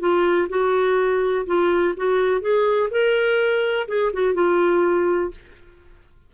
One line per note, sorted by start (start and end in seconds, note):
0.00 0.48 F4
0.49 1.46 F#4
1.47 1.95 F4
1.97 2.41 F#4
2.41 2.90 G#4
2.91 3.88 A#4
3.88 4.12 G#4
4.13 4.35 F#4
4.35 5.31 F4